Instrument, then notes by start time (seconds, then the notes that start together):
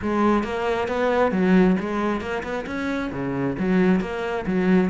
cello
0.02 G#3
0.43 A#3
0.87 B3
1.31 F#3
1.80 G#3
2.20 A#3
2.43 B3
2.66 C#4
3.12 C#3
3.58 F#3
4.00 A#3
4.46 F#3